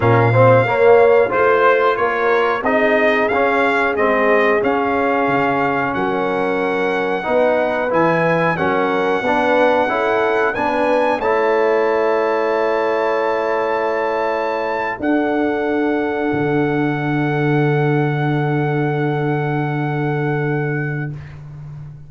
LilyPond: <<
  \new Staff \with { instrumentName = "trumpet" } { \time 4/4 \tempo 4 = 91 f''2 c''4 cis''4 | dis''4 f''4 dis''4 f''4~ | f''4 fis''2. | gis''4 fis''2. |
gis''4 a''2.~ | a''2~ a''8. fis''4~ fis''16~ | fis''1~ | fis''1 | }
  \new Staff \with { instrumentName = "horn" } { \time 4/4 ais'8 c''8 cis''4 c''4 ais'4 | gis'1~ | gis'4 ais'2 b'4~ | b'4 ais'4 b'4 a'4 |
b'4 cis''2.~ | cis''2~ cis''8. a'4~ a'16~ | a'1~ | a'1 | }
  \new Staff \with { instrumentName = "trombone" } { \time 4/4 cis'8 c'8 ais4 f'2 | dis'4 cis'4 c'4 cis'4~ | cis'2. dis'4 | e'4 cis'4 d'4 e'4 |
d'4 e'2.~ | e'2~ e'8. d'4~ d'16~ | d'1~ | d'1 | }
  \new Staff \with { instrumentName = "tuba" } { \time 4/4 ais,4 ais4 a4 ais4 | c'4 cis'4 gis4 cis'4 | cis4 fis2 b4 | e4 fis4 b4 cis'4 |
b4 a2.~ | a2~ a8. d'4~ d'16~ | d'8. d2.~ d16~ | d1 | }
>>